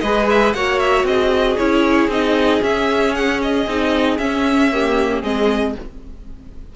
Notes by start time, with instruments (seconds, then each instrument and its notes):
0.00 cello G#3, viola G#4, violin B4 D#5
0.29 violin E5
0.53 cello A#3, viola F#4, violin C#5 F#5
0.79 violin E5
1.03 cello C4, violin G#4 D#5
1.57 cello C#4, viola E4, violin C#5
2.08 cello C4, viola D#4, violin D#5
2.62 viola C#4, cello C#4, violin E5
3.15 violin F#5
3.42 violin D#5
3.66 cello C4, viola D#4
4.18 viola C#4, cello C#4, violin E5
4.72 viola A#3, violin G4
5.22 cello G#3, viola C4, violin G#4 D#5